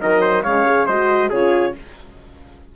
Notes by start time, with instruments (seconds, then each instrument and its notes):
0.00 bassoon D#3, horn F#3, trumpet A#4, clarinet D#5
0.21 trumpet C5
0.43 bassoon C#3, horn G#3, trumpet C#5, clarinet F5
0.65 horn G#4
0.86 bassoon G#3, horn F#4, trumpet C5, clarinet D#5
1.29 bassoon C#3, horn F4, trumpet G#4, clarinet C#5